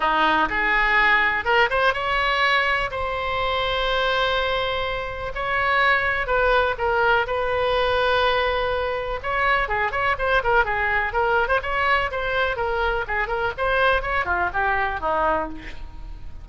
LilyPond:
\new Staff \with { instrumentName = "oboe" } { \time 4/4 \tempo 4 = 124 dis'4 gis'2 ais'8 c''8 | cis''2 c''2~ | c''2. cis''4~ | cis''4 b'4 ais'4 b'4~ |
b'2. cis''4 | gis'8 cis''8 c''8 ais'8 gis'4 ais'8. c''16 | cis''4 c''4 ais'4 gis'8 ais'8 | c''4 cis''8 f'8 g'4 dis'4 | }